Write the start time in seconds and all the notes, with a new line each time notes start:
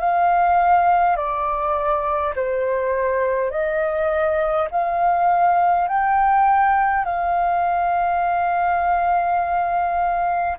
0.00 F5
1.17 D5
2.36 C5
3.51 D#5
4.71 F5
5.88 G5
7.05 F5